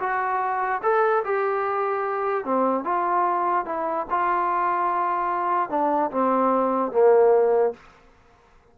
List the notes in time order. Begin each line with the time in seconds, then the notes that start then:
0.00 F#4
0.83 A4
1.25 G4
2.45 C4
2.84 F4
3.66 E4
4.10 F4
5.70 D4
6.11 C4
6.92 A#3